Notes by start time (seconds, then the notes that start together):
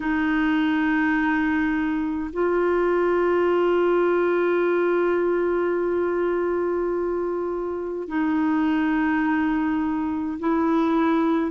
0.00 D#4
2.32 F4
8.08 D#4
10.38 E4